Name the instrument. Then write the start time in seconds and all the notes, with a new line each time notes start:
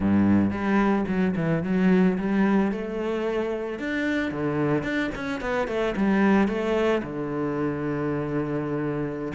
cello
0.00 G2
0.50 G3
1.07 F#3
1.36 E3
1.63 F#3
2.17 G3
2.71 A3
3.79 D4
4.31 D3
4.83 D4
5.15 C#4
5.41 B3
5.67 A3
5.96 G3
6.47 A3
7.02 D3